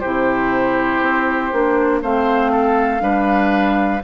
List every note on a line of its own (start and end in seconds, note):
0.00 1.01 C3
0.00 1.53 E4
0.00 2.00 G4
0.00 2.00 C5
1.01 1.51 C4
1.53 2.02 A#3
1.53 2.03 D4
2.02 3.01 A3
2.02 3.00 C4
2.02 2.52 C5
2.02 4.03 F5
2.52 3.02 A4
3.00 4.01 G3
3.00 4.00 D4
3.00 4.03 B4